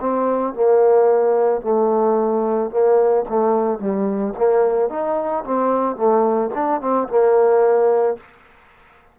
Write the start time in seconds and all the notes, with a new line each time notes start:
0.00 C4
0.54 A#3
1.61 A3
2.70 A#3
3.29 A3
3.79 G3
4.37 A#3
4.89 D#4
5.44 C4
5.96 A3
6.54 D4
6.81 C4
7.08 A#3